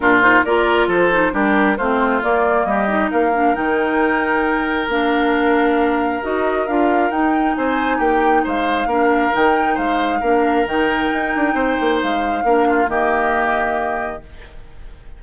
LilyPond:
<<
  \new Staff \with { instrumentName = "flute" } { \time 4/4 \tempo 4 = 135 ais'8 c''8 d''4 c''4 ais'4 | c''4 d''4 dis''4 f''4 | g''2. f''4~ | f''2 dis''4 f''4 |
g''4 gis''4 g''4 f''4~ | f''4 g''4 f''2 | g''2. f''4~ | f''4 dis''2. | }
  \new Staff \with { instrumentName = "oboe" } { \time 4/4 f'4 ais'4 a'4 g'4 | f'2 g'4 ais'4~ | ais'1~ | ais'1~ |
ais'4 c''4 g'4 c''4 | ais'2 c''4 ais'4~ | ais'2 c''2 | ais'8 f'8 g'2. | }
  \new Staff \with { instrumentName = "clarinet" } { \time 4/4 d'8 dis'8 f'4. dis'8 d'4 | c'4 ais4. dis'4 d'8 | dis'2. d'4~ | d'2 fis'4 f'4 |
dis'1 | d'4 dis'2 d'4 | dis'1 | d'4 ais2. | }
  \new Staff \with { instrumentName = "bassoon" } { \time 4/4 ais,4 ais4 f4 g4 | a4 ais4 g4 ais4 | dis2. ais4~ | ais2 dis'4 d'4 |
dis'4 c'4 ais4 gis4 | ais4 dis4 gis4 ais4 | dis4 dis'8 d'8 c'8 ais8 gis4 | ais4 dis2. | }
>>